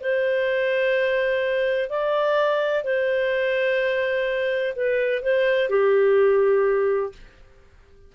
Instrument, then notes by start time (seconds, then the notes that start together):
clarinet
0.00 C5
1.89 D5
2.84 C5
4.75 B4
5.22 C5
5.69 G4